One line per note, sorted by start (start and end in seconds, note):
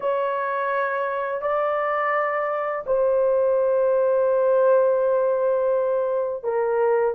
0.00 1.41 C#5
1.41 2.84 D5
2.86 6.43 C5
6.43 7.14 A#4